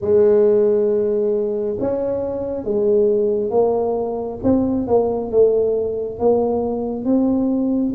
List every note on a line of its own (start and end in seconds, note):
0.01 1.77 G#3
1.80 2.64 C#4
2.64 3.50 G#3
3.50 4.38 A#3
4.43 4.87 C4
4.87 5.31 A#3
5.31 6.19 A3
6.19 7.04 A#3
7.04 7.93 C4